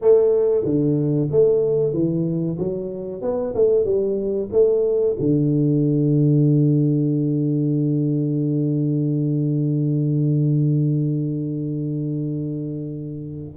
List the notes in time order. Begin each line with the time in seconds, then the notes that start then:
0.01 A3
0.65 D3
1.31 A3
1.93 E3
2.58 F#3
3.21 B3
3.55 A3
3.84 G3
4.52 A3
5.19 D3